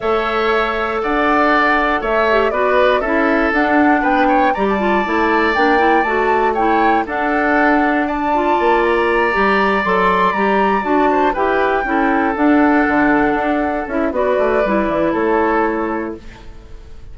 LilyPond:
<<
  \new Staff \with { instrumentName = "flute" } { \time 4/4 \tempo 4 = 119 e''2 fis''2 | e''4 d''4 e''4 fis''4 | g''4 ais''16 a''4.~ a''16 g''4 | a''4 g''4 fis''2 |
a''4. ais''2 c'''8~ | c'''8 ais''4 a''4 g''4.~ | g''8 fis''2. e''8 | d''2 cis''2 | }
  \new Staff \with { instrumentName = "oboe" } { \time 4/4 cis''2 d''2 | cis''4 b'4 a'2 | b'8 cis''8 d''2.~ | d''4 cis''4 a'2 |
d''1~ | d''2 c''8 b'4 a'8~ | a'1 | b'2 a'2 | }
  \new Staff \with { instrumentName = "clarinet" } { \time 4/4 a'1~ | a'8 g'8 fis'4 e'4 d'4~ | d'4 g'8 f'8 e'4 d'8 e'8 | fis'4 e'4 d'2~ |
d'8 f'2 g'4 a'8~ | a'8 g'4 fis'4 g'4 e'8~ | e'8 d'2. e'8 | fis'4 e'2. | }
  \new Staff \with { instrumentName = "bassoon" } { \time 4/4 a2 d'2 | a4 b4 cis'4 d'4 | b4 g4 a4 ais4 | a2 d'2~ |
d'4 ais4. g4 fis8~ | fis8 g4 d'4 e'4 cis'8~ | cis'8 d'4 d4 d'4 cis'8 | b8 a8 g8 e8 a2 | }
>>